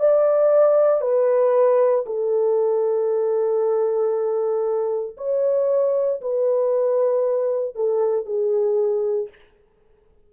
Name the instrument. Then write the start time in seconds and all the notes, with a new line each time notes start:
horn
0.00 D5
1.02 B4
2.06 A4
5.17 C#5
6.21 B4
7.76 A4
8.26 G#4